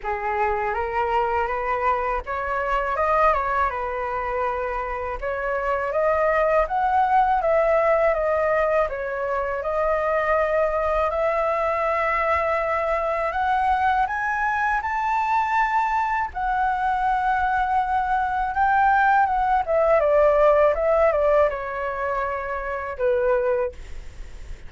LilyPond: \new Staff \with { instrumentName = "flute" } { \time 4/4 \tempo 4 = 81 gis'4 ais'4 b'4 cis''4 | dis''8 cis''8 b'2 cis''4 | dis''4 fis''4 e''4 dis''4 | cis''4 dis''2 e''4~ |
e''2 fis''4 gis''4 | a''2 fis''2~ | fis''4 g''4 fis''8 e''8 d''4 | e''8 d''8 cis''2 b'4 | }